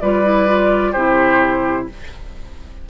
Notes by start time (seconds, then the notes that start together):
0.00 G3 F4 B4 D5
0.24 E4
0.47 F4
0.92 C3 E4 G4 C5